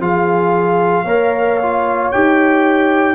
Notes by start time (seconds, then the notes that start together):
0.00 F3 F4 G#4 F5
1.04 A#3 A#4 C#5
1.62 F4
2.12 D#4 G4 G5